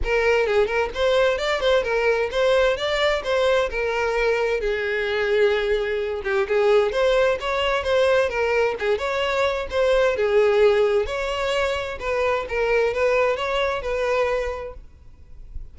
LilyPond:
\new Staff \with { instrumentName = "violin" } { \time 4/4 \tempo 4 = 130 ais'4 gis'8 ais'8 c''4 d''8 c''8 | ais'4 c''4 d''4 c''4 | ais'2 gis'2~ | gis'4. g'8 gis'4 c''4 |
cis''4 c''4 ais'4 gis'8 cis''8~ | cis''4 c''4 gis'2 | cis''2 b'4 ais'4 | b'4 cis''4 b'2 | }